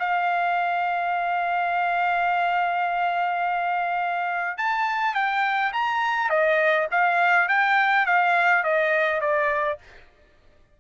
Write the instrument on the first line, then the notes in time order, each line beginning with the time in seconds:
trumpet
0.00 F5
4.58 A5
5.15 G5
5.73 A#5
6.30 D#5
6.92 F5
7.49 G5
8.06 F5
8.64 D#5
9.21 D5